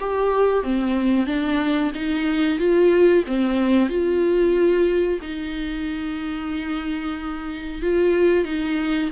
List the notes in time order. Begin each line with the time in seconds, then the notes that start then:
0.00 G4
0.63 C4
1.26 D4
1.94 D#4
2.59 F4
3.26 C4
3.89 F4
5.21 D#4
7.82 F4
8.45 D#4